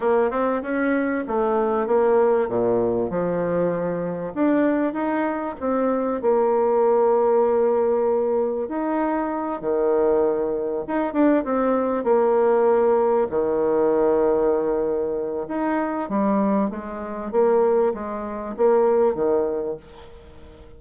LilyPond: \new Staff \with { instrumentName = "bassoon" } { \time 4/4 \tempo 4 = 97 ais8 c'8 cis'4 a4 ais4 | ais,4 f2 d'4 | dis'4 c'4 ais2~ | ais2 dis'4. dis8~ |
dis4. dis'8 d'8 c'4 ais8~ | ais4. dis2~ dis8~ | dis4 dis'4 g4 gis4 | ais4 gis4 ais4 dis4 | }